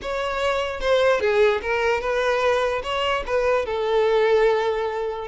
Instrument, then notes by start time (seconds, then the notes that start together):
violin
0.02 C#5
0.80 C5
1.20 G#4
1.62 A#4
2.00 B4
2.83 C#5
3.26 B4
3.65 A4